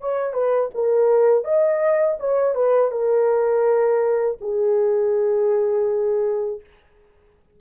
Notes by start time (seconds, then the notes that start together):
0.00 C#5
0.33 B4
0.74 A#4
1.44 D#5
2.20 C#5
2.54 B4
2.91 A#4
4.40 G#4